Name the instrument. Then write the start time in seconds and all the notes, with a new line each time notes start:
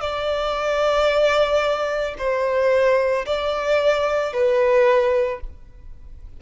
violin
0.00 D5
2.18 C5
3.25 D5
4.32 B4